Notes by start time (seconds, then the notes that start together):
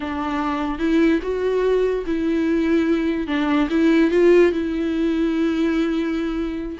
0.00 D4
0.78 E4
1.22 F#4
2.06 E4
3.27 D4
3.70 E4
4.11 F4
4.51 E4